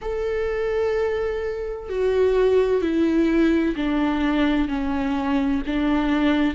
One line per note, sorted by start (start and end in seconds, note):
0.01 1.89 A4
1.89 2.81 F#4
2.81 3.75 E4
3.76 4.68 D4
4.68 5.62 C#4
5.66 6.54 D4